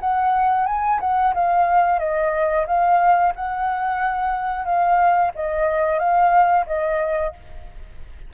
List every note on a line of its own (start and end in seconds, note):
0.00 0.66 F#5
0.66 0.99 G#5
1.00 1.33 F#5
1.34 1.99 F5
1.99 2.65 D#5
2.66 3.33 F5
3.35 4.65 F#5
4.65 5.31 F5
5.35 5.98 D#5
5.98 6.65 F5
6.66 7.32 D#5